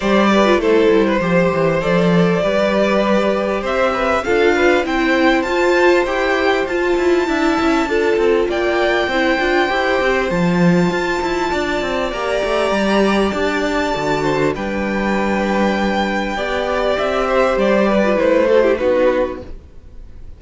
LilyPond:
<<
  \new Staff \with { instrumentName = "violin" } { \time 4/4 \tempo 4 = 99 d''4 c''2 d''4~ | d''2 e''4 f''4 | g''4 a''4 g''4 a''4~ | a''2 g''2~ |
g''4 a''2. | ais''2 a''2 | g''1 | e''4 d''4 c''4 b'4 | }
  \new Staff \with { instrumentName = "violin" } { \time 4/4 c''8 b'8 a'8. b'16 c''2 | b'2 c''8 b'8 a'8 b'8 | c''1 | e''4 a'4 d''4 c''4~ |
c''2. d''4~ | d''2.~ d''8 c''8 | b'2. d''4~ | d''8 c''4 b'4 a'16 g'16 fis'4 | }
  \new Staff \with { instrumentName = "viola" } { \time 4/4 g'8. f'16 e'4 g'4 a'4 | g'2. f'4 | e'4 f'4 g'4 f'4 | e'4 f'2 e'8 f'8 |
g'4 f'2. | g'2. fis'4 | d'2. g'4~ | g'4.~ g'16 f'16 e'8 fis'16 e'16 dis'4 | }
  \new Staff \with { instrumentName = "cello" } { \time 4/4 g4 a8 g8 f8 e8 f4 | g2 c'4 d'4 | c'4 f'4 e'4 f'8 e'8 | d'8 cis'8 d'8 c'8 ais4 c'8 d'8 |
e'8 c'8 f4 f'8 e'8 d'8 c'8 | ais8 a8 g4 d'4 d4 | g2. b4 | c'4 g4 a4 b4 | }
>>